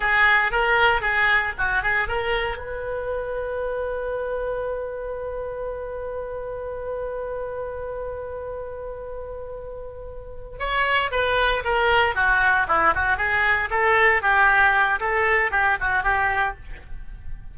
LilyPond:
\new Staff \with { instrumentName = "oboe" } { \time 4/4 \tempo 4 = 116 gis'4 ais'4 gis'4 fis'8 gis'8 | ais'4 b'2.~ | b'1~ | b'1~ |
b'1~ | b'8 cis''4 b'4 ais'4 fis'8~ | fis'8 e'8 fis'8 gis'4 a'4 g'8~ | g'4 a'4 g'8 fis'8 g'4 | }